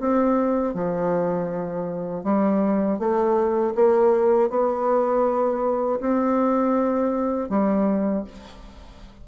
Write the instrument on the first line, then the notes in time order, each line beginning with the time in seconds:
bassoon
0.00 C4
0.74 F3
2.24 G3
2.99 A3
3.75 A#3
4.50 B3
6.00 C4
7.49 G3